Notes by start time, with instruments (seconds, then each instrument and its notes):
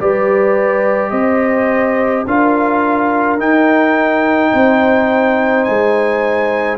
0.00 tuba G3, trombone G4, horn B4, trumpet D5
1.11 tuba C4, horn C5, trumpet D#5
2.27 tuba D4, trombone F4, horn A#4, trumpet F5
3.38 trombone D#4, tuba D#4, trumpet G5
4.52 tuba C4, horn C5
5.64 tuba G#3, trumpet G#5